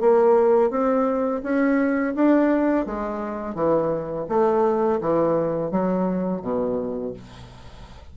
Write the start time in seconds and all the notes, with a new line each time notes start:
0.00 A#3
0.70 C4
1.43 C#4
2.15 D4
2.86 G#3
3.55 E3
4.29 A3
5.01 E3
5.71 F#3
6.42 B2